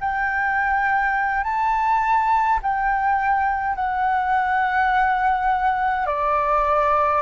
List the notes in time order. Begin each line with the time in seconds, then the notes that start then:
0.00 G5
1.44 A5
2.62 G5
3.75 F#5
6.06 D5